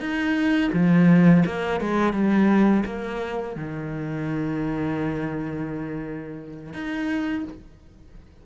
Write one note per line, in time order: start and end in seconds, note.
0.00 0.71 D#4
0.73 1.44 F3
1.46 1.80 A#3
1.80 2.13 G#3
2.13 2.84 G3
2.85 3.56 A#3
3.56 6.73 D#3
6.73 7.44 D#4